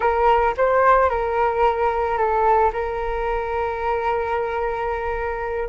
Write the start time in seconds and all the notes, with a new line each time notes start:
0.00 A#4
0.57 C5
1.09 A#4
2.17 A4
2.72 A#4